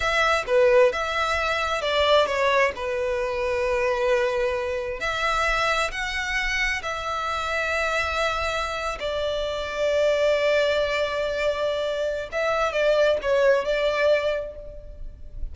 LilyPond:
\new Staff \with { instrumentName = "violin" } { \time 4/4 \tempo 4 = 132 e''4 b'4 e''2 | d''4 cis''4 b'2~ | b'2. e''4~ | e''4 fis''2 e''4~ |
e''2.~ e''8. d''16~ | d''1~ | d''2. e''4 | d''4 cis''4 d''2 | }